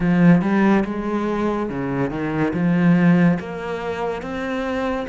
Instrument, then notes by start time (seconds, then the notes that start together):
cello
0.00 F3
0.41 G3
0.85 G#3
1.69 C#3
2.10 D#3
2.54 F3
3.39 A#3
4.22 C4